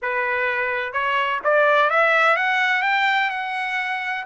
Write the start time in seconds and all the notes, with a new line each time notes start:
0.02 B4
0.92 C#5
1.44 D5
1.90 E5
2.36 F#5
2.82 G5
3.30 F#5